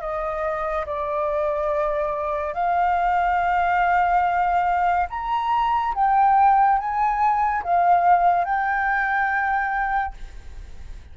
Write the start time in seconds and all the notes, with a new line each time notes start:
0.00 D#5
0.86 D5
2.53 F5
5.09 A#5
5.94 G5
6.78 G#5
7.63 F5
8.44 G5